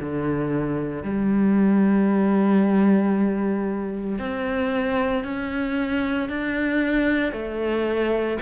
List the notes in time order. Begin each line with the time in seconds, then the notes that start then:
0.00 D3
1.03 G3
4.19 C4
5.24 C#4
6.29 D4
7.32 A3